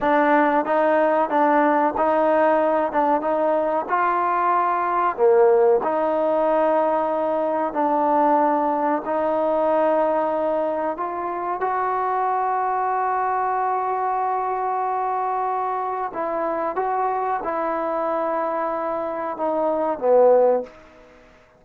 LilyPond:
\new Staff \with { instrumentName = "trombone" } { \time 4/4 \tempo 4 = 93 d'4 dis'4 d'4 dis'4~ | dis'8 d'8 dis'4 f'2 | ais4 dis'2. | d'2 dis'2~ |
dis'4 f'4 fis'2~ | fis'1~ | fis'4 e'4 fis'4 e'4~ | e'2 dis'4 b4 | }